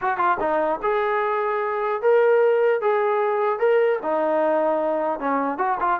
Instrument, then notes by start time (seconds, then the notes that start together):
trombone
0.01 F#4
0.17 F4
0.40 D#4
0.82 G#4
2.01 A#4
2.81 G#4
3.59 A#4
4.02 D#4
5.19 C#4
5.57 F#4
5.80 F4